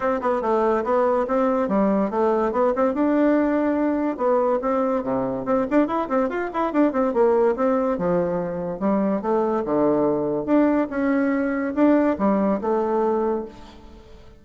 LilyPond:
\new Staff \with { instrumentName = "bassoon" } { \time 4/4 \tempo 4 = 143 c'8 b8 a4 b4 c'4 | g4 a4 b8 c'8 d'4~ | d'2 b4 c'4 | c4 c'8 d'8 e'8 c'8 f'8 e'8 |
d'8 c'8 ais4 c'4 f4~ | f4 g4 a4 d4~ | d4 d'4 cis'2 | d'4 g4 a2 | }